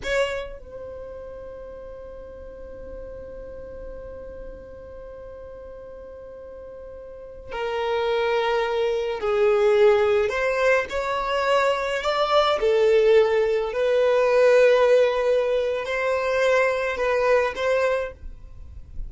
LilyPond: \new Staff \with { instrumentName = "violin" } { \time 4/4 \tempo 4 = 106 cis''4 c''2.~ | c''1~ | c''1~ | c''4~ c''16 ais'2~ ais'8.~ |
ais'16 gis'2 c''4 cis''8.~ | cis''4~ cis''16 d''4 a'4.~ a'16~ | a'16 b'2.~ b'8. | c''2 b'4 c''4 | }